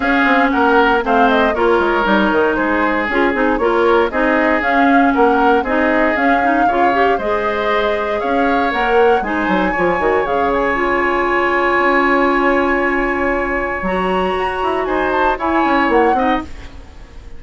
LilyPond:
<<
  \new Staff \with { instrumentName = "flute" } { \time 4/4 \tempo 4 = 117 f''4 fis''4 f''8 dis''8 cis''4~ | cis''4 c''4 gis'4 cis''4 | dis''4 f''4 fis''4 dis''4 | f''2 dis''2 |
f''4 fis''4 gis''2 | f''8 gis''2.~ gis''8~ | gis''2. ais''4~ | ais''4 gis''8 a''8 gis''4 fis''4 | }
  \new Staff \with { instrumentName = "oboe" } { \time 4/4 gis'4 ais'4 c''4 ais'4~ | ais'4 gis'2 ais'4 | gis'2 ais'4 gis'4~ | gis'4 cis''4 c''2 |
cis''2 c''4 cis''4~ | cis''1~ | cis''1~ | cis''4 c''4 cis''4. dis''8 | }
  \new Staff \with { instrumentName = "clarinet" } { \time 4/4 cis'2 c'4 f'4 | dis'2 f'8 dis'8 f'4 | dis'4 cis'2 dis'4 | cis'8 dis'8 f'8 g'8 gis'2~ |
gis'4 ais'4 dis'4 f'8 fis'8 | gis'4 f'2.~ | f'2. fis'4~ | fis'2 e'4. dis'8 | }
  \new Staff \with { instrumentName = "bassoon" } { \time 4/4 cis'8 c'8 ais4 a4 ais8 gis8 | g8 dis8 gis4 cis'8 c'8 ais4 | c'4 cis'4 ais4 c'4 | cis'4 cis4 gis2 |
cis'4 ais4 gis8 fis8 f8 dis8 | cis2. cis'4~ | cis'2. fis4 | fis'8 e'8 dis'4 e'8 cis'8 ais8 c'8 | }
>>